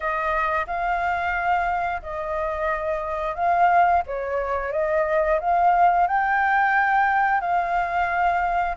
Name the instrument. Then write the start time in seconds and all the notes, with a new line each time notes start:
flute
0.00 D#5
0.66 F5
2.02 D#5
3.35 F5
4.06 C#5
4.72 D#5
5.40 F5
6.07 G5
7.41 F5